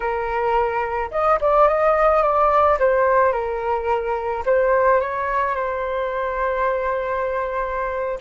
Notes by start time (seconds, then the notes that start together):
0.00 A#4
1.11 D#5
1.40 D5
1.67 D#5
2.22 D5
2.79 C5
3.32 A#4
4.45 C5
5.00 C#5
5.55 C5